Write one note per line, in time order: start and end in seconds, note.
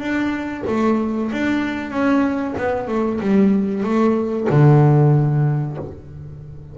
0.00 0.64 D4
0.67 1.31 A3
1.32 1.90 D4
1.90 2.54 C#4
2.58 2.88 B3
2.88 3.20 A3
3.21 3.84 G3
3.84 4.48 A3
4.50 5.78 D3